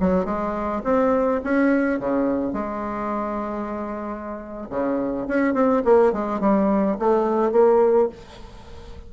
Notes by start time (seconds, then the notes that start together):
0.00 F#3
0.25 G#3
0.84 C4
1.44 C#4
1.99 C#3
2.53 G#3
4.69 C#3
5.28 C#4
5.54 C4
5.84 A#3
6.12 G#3
6.40 G3
6.99 A3
7.52 A#3